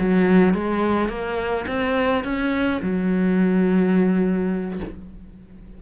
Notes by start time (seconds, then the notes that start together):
0.00 F#3
0.55 G#3
1.09 A#3
1.67 C4
2.25 C#4
2.82 F#3